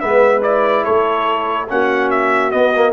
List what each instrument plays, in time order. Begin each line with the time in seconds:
0.00 tuba G#3, trombone B3, horn B4, trumpet E5
0.41 trombone E4, trumpet D5
0.85 tuba A3, horn A4, trumpet C#5
1.68 tuba A#3, trombone C#4, horn F#4, trumpet F#5
2.11 trumpet E5
2.51 trombone B3, tuba B3, trumpet D#5
2.76 trombone A#3